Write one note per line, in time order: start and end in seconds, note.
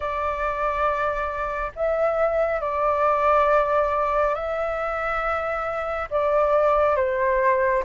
0.00 1.72 D5
1.75 2.60 E5
2.60 4.34 D5
4.34 6.08 E5
6.10 6.96 D5
6.96 7.83 C5